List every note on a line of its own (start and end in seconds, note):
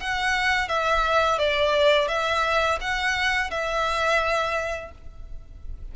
0.00 0.69 F#5
0.69 1.39 E5
1.39 2.08 D5
2.08 2.79 E5
2.81 3.51 F#5
3.51 4.92 E5